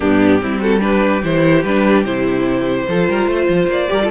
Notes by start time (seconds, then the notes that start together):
0.00 G2 B3 D4 G4
0.40 G3 C4 E4
0.59 F#4 A4
0.80 D4 G4 B4
1.23 E3 E4 C5
1.62 G3 D4 B4
2.04 C3 E4 C5
2.87 F3 F4 A4
3.08 G3 A#4
3.27 A3 C5
3.48 F3
3.66 A#3 D5
3.88 G3 G4 A#4
4.03 F4 A4